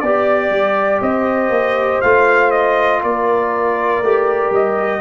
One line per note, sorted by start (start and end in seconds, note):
0.00 0.50 B3
0.00 2.04 G4
0.00 1.00 D5
0.00 1.02 D5
0.50 1.00 G3
1.02 1.50 C4
1.02 3.02 C5
1.02 2.01 D#5
1.50 2.00 A#3
2.01 3.03 A3
2.01 4.04 F4
2.01 2.51 F5
2.51 3.01 D#5
3.02 4.02 A#3
3.02 5.01 A#4
3.02 4.53 D5
4.02 4.51 A3
4.02 5.01 G4
4.51 5.01 G3
4.51 5.01 D#5